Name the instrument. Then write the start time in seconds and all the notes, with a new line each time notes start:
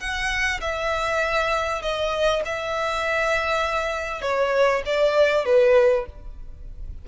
violin
0.00 F#5
0.61 E5
1.82 D#5
2.45 E5
4.22 C#5
4.86 D5
5.45 B4